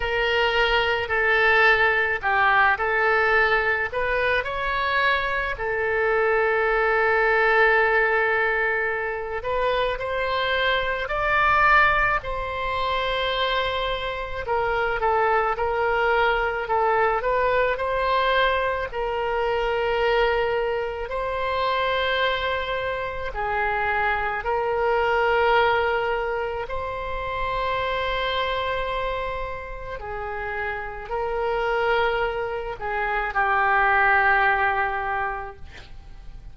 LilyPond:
\new Staff \with { instrumentName = "oboe" } { \time 4/4 \tempo 4 = 54 ais'4 a'4 g'8 a'4 b'8 | cis''4 a'2.~ | a'8 b'8 c''4 d''4 c''4~ | c''4 ais'8 a'8 ais'4 a'8 b'8 |
c''4 ais'2 c''4~ | c''4 gis'4 ais'2 | c''2. gis'4 | ais'4. gis'8 g'2 | }